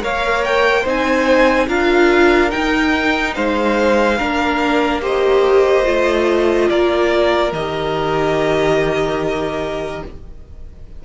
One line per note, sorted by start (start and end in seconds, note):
0.00 0.85 A#3
0.00 0.83 A#4
0.00 0.82 C#5
0.00 0.44 F5
0.44 0.85 G5
0.82 1.68 C4
0.82 1.68 D#4
0.82 1.65 C5
0.88 1.68 G#5
1.68 2.51 D4
1.68 2.49 F4
1.68 3.35 A#4
1.68 2.50 F5
2.49 4.16 D#4
2.49 3.36 D#4
2.49 3.34 G5
3.34 4.20 G#3
3.34 4.18 C5
3.34 5.01 F5
4.18 5.86 A#3
4.18 5.01 D4
4.18 5.01 A#4
5.01 5.84 G4
5.01 6.68 C5
5.01 6.69 D#5
5.84 6.69 A3
5.84 7.51 F4
6.69 7.52 A#3
6.69 10.04 A#4
6.69 7.52 D5
7.52 10.02 D#3
7.52 10.05 G4
7.52 10.03 D#5